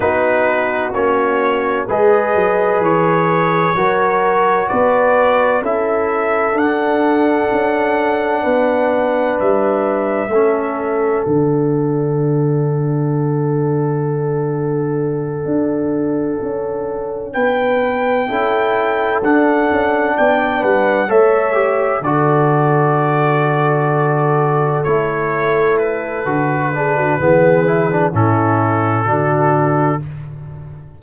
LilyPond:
<<
  \new Staff \with { instrumentName = "trumpet" } { \time 4/4 \tempo 4 = 64 b'4 cis''4 dis''4 cis''4~ | cis''4 d''4 e''4 fis''4~ | fis''2 e''2 | fis''1~ |
fis''2~ fis''8 g''4.~ | g''8 fis''4 g''8 fis''8 e''4 d''8~ | d''2~ d''8 cis''4 b'8~ | b'2 a'2 | }
  \new Staff \with { instrumentName = "horn" } { \time 4/4 fis'2 b'2 | ais'4 b'4 a'2~ | a'4 b'2 a'4~ | a'1~ |
a'2~ a'8 b'4 a'8~ | a'4. d''8 b'8 cis''4 a'8~ | a'1~ | a'8 gis'16 fis'16 gis'4 e'4 fis'4 | }
  \new Staff \with { instrumentName = "trombone" } { \time 4/4 dis'4 cis'4 gis'2 | fis'2 e'4 d'4~ | d'2. cis'4 | d'1~ |
d'2.~ d'8 e'8~ | e'8 d'2 a'8 g'8 fis'8~ | fis'2~ fis'8 e'4. | fis'8 d'8 b8 e'16 d'16 cis'4 d'4 | }
  \new Staff \with { instrumentName = "tuba" } { \time 4/4 b4 ais4 gis8 fis8 e4 | fis4 b4 cis'4 d'4 | cis'4 b4 g4 a4 | d1~ |
d8 d'4 cis'4 b4 cis'8~ | cis'8 d'8 cis'8 b8 g8 a4 d8~ | d2~ d8 a4. | d4 e4 a,4 d4 | }
>>